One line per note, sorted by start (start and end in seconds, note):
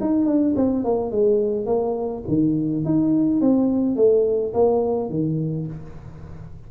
0.00 0.25 D#4
0.25 0.54 D4
0.56 0.84 C4
0.84 1.11 A#3
1.11 1.66 G#3
1.66 2.23 A#3
2.28 2.84 D#3
2.84 3.40 D#4
3.40 3.96 C4
3.96 4.53 A3
4.53 5.09 A#3
5.09 5.66 D#3